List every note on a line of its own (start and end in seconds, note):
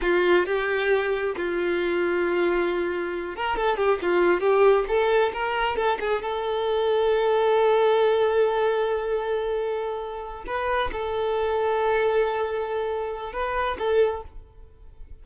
0.01 0.46 F4
0.46 1.35 G4
1.36 3.36 F4
3.36 3.56 A#4
3.56 3.76 A4
3.76 3.99 G4
4.01 4.40 F4
4.40 4.84 G4
4.87 5.32 A4
5.33 5.76 A#4
5.76 5.98 A4
6.00 6.22 G#4
6.22 10.44 A4
10.46 10.90 B4
10.92 13.32 A4
13.32 13.77 B4
13.78 14.22 A4